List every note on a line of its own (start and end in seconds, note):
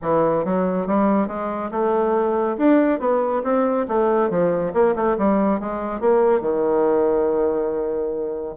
0.02 0.44 E3
0.44 0.86 F#3
0.86 1.27 G3
1.27 1.70 G#3
1.71 2.56 A3
2.57 2.99 D4
2.99 3.42 B3
3.43 3.86 C4
3.88 4.30 A3
4.30 4.72 F3
4.73 4.94 A#3
4.95 5.16 A3
5.18 5.60 G3
5.60 6.00 G#3
6.00 6.41 A#3
6.41 8.55 D#3